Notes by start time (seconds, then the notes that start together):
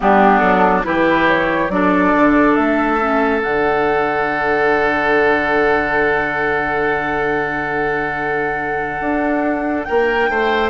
0.00 G3 B3 D4 G4
0.38 F#3 A4
0.83 E3 E4 G4 B4
1.27 C#5
1.69 F#3 D4 A4 D5
2.16 D3
2.55 A3 E5
3.00 C#4
3.41 D3 D4 F#5
9.00 D4
9.83 A#4 G5
9.89 A#3
10.29 A3 C5